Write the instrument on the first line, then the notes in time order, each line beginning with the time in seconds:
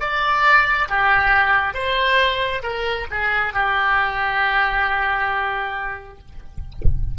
oboe
0.00 D5
0.88 G4
1.74 C5
2.62 A#4
3.10 G#4
3.53 G4